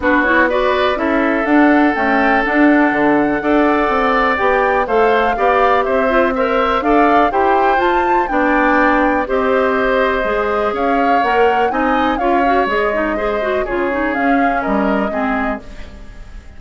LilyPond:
<<
  \new Staff \with { instrumentName = "flute" } { \time 4/4 \tempo 4 = 123 b'8 cis''8 d''4 e''4 fis''4 | g''4 fis''2.~ | fis''4 g''4 f''2 | e''4 c''4 f''4 g''4 |
a''4 g''2 dis''4~ | dis''2 f''4 fis''4 | gis''4 f''4 dis''2 | cis''4 f''4 dis''2 | }
  \new Staff \with { instrumentName = "oboe" } { \time 4/4 fis'4 b'4 a'2~ | a'2. d''4~ | d''2 c''4 d''4 | c''4 e''4 d''4 c''4~ |
c''4 d''2 c''4~ | c''2 cis''2 | dis''4 cis''2 c''4 | gis'2 ais'4 gis'4 | }
  \new Staff \with { instrumentName = "clarinet" } { \time 4/4 d'8 e'8 fis'4 e'4 d'4 | a4 d'2 a'4~ | a'4 g'4 a'4 g'4~ | g'8 f'8 ais'4 a'4 g'4 |
f'4 d'2 g'4~ | g'4 gis'2 ais'4 | dis'4 f'8 fis'8 gis'8 dis'8 gis'8 fis'8 | f'8 dis'8 cis'2 c'4 | }
  \new Staff \with { instrumentName = "bassoon" } { \time 4/4 b2 cis'4 d'4 | cis'4 d'4 d4 d'4 | c'4 b4 a4 b4 | c'2 d'4 e'4 |
f'4 b2 c'4~ | c'4 gis4 cis'4 ais4 | c'4 cis'4 gis2 | cis4 cis'4 g4 gis4 | }
>>